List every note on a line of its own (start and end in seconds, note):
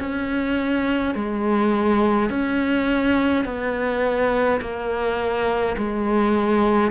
0.00 1.15 C#4
1.15 2.30 G#3
2.30 3.46 C#4
3.46 4.61 B3
4.62 5.77 A#3
5.78 6.92 G#3